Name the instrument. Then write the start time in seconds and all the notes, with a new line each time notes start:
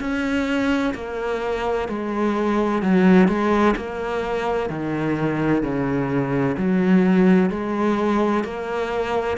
cello
0.00 C#4
0.95 A#3
1.88 G#3
2.83 F#3
3.28 G#3
3.76 A#3
4.70 D#3
5.63 C#3
6.57 F#3
7.50 G#3
8.44 A#3